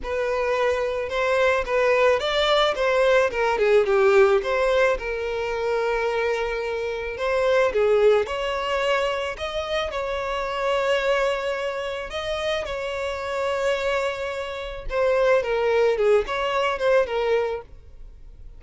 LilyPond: \new Staff \with { instrumentName = "violin" } { \time 4/4 \tempo 4 = 109 b'2 c''4 b'4 | d''4 c''4 ais'8 gis'8 g'4 | c''4 ais'2.~ | ais'4 c''4 gis'4 cis''4~ |
cis''4 dis''4 cis''2~ | cis''2 dis''4 cis''4~ | cis''2. c''4 | ais'4 gis'8 cis''4 c''8 ais'4 | }